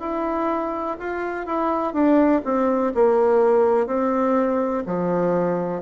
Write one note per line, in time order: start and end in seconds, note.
0.00 0.97 E4
0.99 1.46 F4
1.46 1.93 E4
1.93 2.41 D4
2.45 2.93 C4
2.95 3.87 A#3
3.87 4.83 C4
4.86 5.82 F3